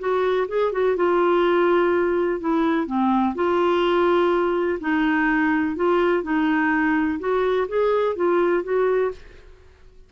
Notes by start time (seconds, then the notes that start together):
0.00 F#4
0.48 G#4
0.72 F#4
0.96 F4
2.40 E4
2.87 C4
3.35 F4
4.80 D#4
5.76 F4
6.23 D#4
7.20 F#4
7.69 G#4
8.16 F4
8.64 F#4